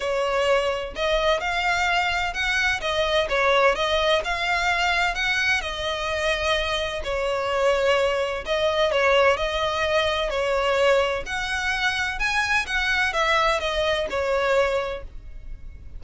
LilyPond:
\new Staff \with { instrumentName = "violin" } { \time 4/4 \tempo 4 = 128 cis''2 dis''4 f''4~ | f''4 fis''4 dis''4 cis''4 | dis''4 f''2 fis''4 | dis''2. cis''4~ |
cis''2 dis''4 cis''4 | dis''2 cis''2 | fis''2 gis''4 fis''4 | e''4 dis''4 cis''2 | }